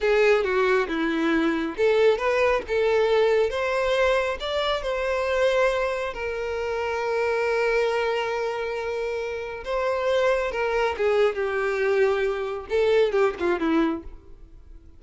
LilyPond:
\new Staff \with { instrumentName = "violin" } { \time 4/4 \tempo 4 = 137 gis'4 fis'4 e'2 | a'4 b'4 a'2 | c''2 d''4 c''4~ | c''2 ais'2~ |
ais'1~ | ais'2 c''2 | ais'4 gis'4 g'2~ | g'4 a'4 g'8 f'8 e'4 | }